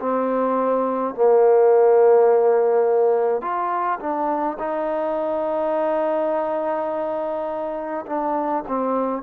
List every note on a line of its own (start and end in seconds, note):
0.00 1.14 C4
1.14 3.41 A#3
3.41 3.99 F4
4.00 4.57 D4
4.59 8.05 D#4
8.06 8.64 D4
8.67 9.23 C4